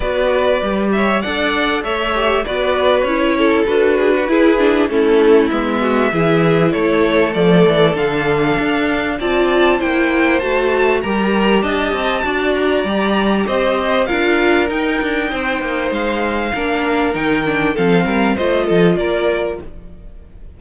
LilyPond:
<<
  \new Staff \with { instrumentName = "violin" } { \time 4/4 \tempo 4 = 98 d''4. e''8 fis''4 e''4 | d''4 cis''4 b'2 | a'4 e''2 cis''4 | d''4 f''2 a''4 |
g''4 a''4 ais''4 a''4~ | a''8 ais''4. dis''4 f''4 | g''2 f''2 | g''4 f''4 dis''4 d''4 | }
  \new Staff \with { instrumentName = "violin" } { \time 4/4 b'4. cis''8 d''4 cis''4 | b'4. a'4 gis'16 fis'16 gis'4 | e'4. fis'8 gis'4 a'4~ | a'2. d''4 |
c''2 ais'4 dis''4 | d''2 c''4 ais'4~ | ais'4 c''2 ais'4~ | ais'4 a'8 ais'8 c''8 a'8 ais'4 | }
  \new Staff \with { instrumentName = "viola" } { \time 4/4 fis'4 g'4 a'4. g'8 | fis'4 e'4 fis'4 e'8 d'8 | cis'4 b4 e'2 | a4 d'2 f'4 |
e'4 fis'4 g'2 | fis'4 g'2 f'4 | dis'2. d'4 | dis'8 d'8 c'4 f'2 | }
  \new Staff \with { instrumentName = "cello" } { \time 4/4 b4 g4 d'4 a4 | b4 cis'4 d'4 e'4 | a4 gis4 e4 a4 | f8 e8 d4 d'4 c'4 |
ais4 a4 g4 d'8 c'8 | d'4 g4 c'4 d'4 | dis'8 d'8 c'8 ais8 gis4 ais4 | dis4 f8 g8 a8 f8 ais4 | }
>>